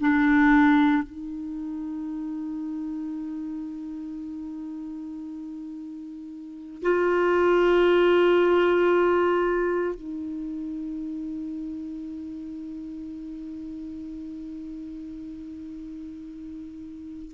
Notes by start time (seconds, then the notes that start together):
0.00 D4
1.02 D#4
6.82 F4
9.95 D#4